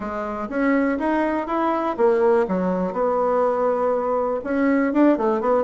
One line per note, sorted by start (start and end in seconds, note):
0.00 0.48 G#3
0.49 0.98 C#4
0.98 1.46 D#4
1.46 1.96 E4
1.97 2.46 A#3
2.47 2.93 F#3
2.93 4.40 B3
4.44 4.93 C#4
4.93 5.17 D4
5.17 5.40 A3
5.40 5.63 B3